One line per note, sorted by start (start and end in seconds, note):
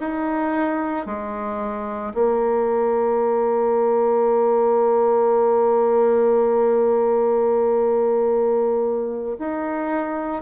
0.00 1.06 D#4
1.06 2.13 G#3
2.14 9.37 A#3
9.39 10.42 D#4